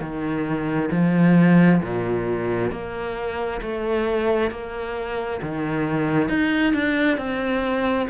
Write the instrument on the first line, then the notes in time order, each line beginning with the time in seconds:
cello
0.00 D#3
0.91 F3
1.82 A#2
2.71 A#3
3.61 A3
4.51 A#3
5.41 D#3
6.28 D#4
6.73 D4
7.17 C4